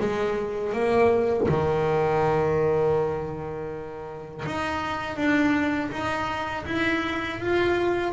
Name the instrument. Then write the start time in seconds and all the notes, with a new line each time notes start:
double bass
0.00 G#3
0.73 A#3
1.48 D#3
4.46 D#4
5.16 D4
5.91 D#4
6.66 E4
7.40 F4